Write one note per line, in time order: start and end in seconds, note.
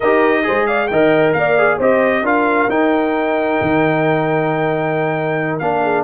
0.00 0.47 D#4
0.00 0.43 G4
0.00 0.44 A#4
0.00 0.67 D#5
0.43 0.91 G#3
0.43 0.88 G#4
0.43 0.67 C5
0.67 0.90 D5
0.67 0.87 F5
0.87 1.33 D#3
0.87 1.57 A#4
0.87 1.35 D#5
0.87 1.32 G5
1.33 1.78 A#3
1.33 1.77 D5
1.33 1.78 F5
1.57 1.80 G#4
1.77 2.22 C4
1.77 2.24 G4
1.77 2.22 C5
1.77 2.26 D#5
2.22 2.67 D4
2.22 2.69 F4
2.22 5.81 A#4
2.22 2.69 F5
2.68 3.58 D#4
2.68 5.61 D#4
2.68 5.58 G5
3.61 5.60 D#3
5.58 6.04 A#3
5.58 6.04 D4
5.58 6.03 F5
5.82 6.04 G#4